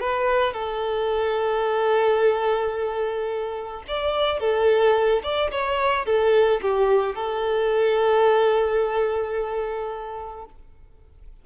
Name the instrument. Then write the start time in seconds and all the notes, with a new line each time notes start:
violin
0.00 B4
0.53 A4
3.88 D5
4.40 A4
5.23 D5
5.51 C#5
6.06 A4
6.62 G4
7.15 A4